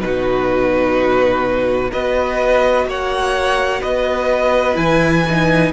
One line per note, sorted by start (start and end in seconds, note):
0.00 1.91 B2
0.00 1.90 D#4
0.00 1.91 F#4
0.00 1.91 B4
1.90 2.86 B3
1.90 4.75 F#4
1.90 2.87 B4
1.90 2.88 D#5
2.86 3.81 A#3
2.86 3.81 C#5
2.86 3.82 F#5
3.81 4.77 B3
3.81 5.71 B4
3.81 4.76 D#5
4.75 5.72 E3
4.75 5.22 E4
4.75 5.72 G#5
5.30 5.73 D#4